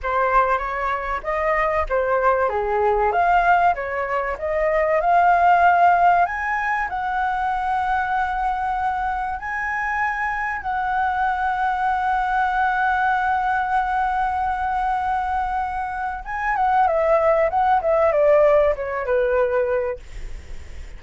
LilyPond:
\new Staff \with { instrumentName = "flute" } { \time 4/4 \tempo 4 = 96 c''4 cis''4 dis''4 c''4 | gis'4 f''4 cis''4 dis''4 | f''2 gis''4 fis''4~ | fis''2. gis''4~ |
gis''4 fis''2.~ | fis''1~ | fis''2 gis''8 fis''8 e''4 | fis''8 e''8 d''4 cis''8 b'4. | }